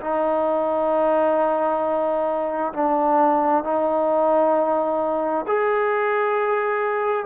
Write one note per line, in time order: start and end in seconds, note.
0.00 2.73 D#4
2.73 3.64 D4
3.64 5.45 D#4
5.47 7.26 G#4